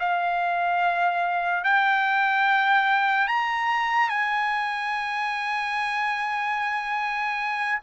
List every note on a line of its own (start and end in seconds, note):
0.00 1.64 F5
1.64 3.28 G5
3.28 4.10 A#5
4.10 7.80 G#5